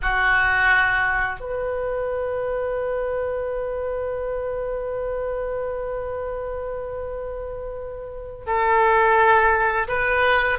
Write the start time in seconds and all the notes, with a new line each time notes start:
0.02 F#4
1.39 B4
8.46 A4
9.88 B4